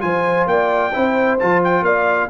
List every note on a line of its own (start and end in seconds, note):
0.00 0.46 F3
0.00 0.91 F4
0.00 0.50 C5
0.00 0.46 G#5
0.46 0.91 A#3
0.46 0.93 D5
0.46 1.38 G5
0.93 1.41 C4
0.93 1.39 E4
0.93 1.84 C5
1.39 1.81 F3
1.39 2.29 F4
1.39 1.62 A5
1.63 1.84 G5
1.81 2.27 A#3
1.81 2.29 D5
1.81 2.29 F5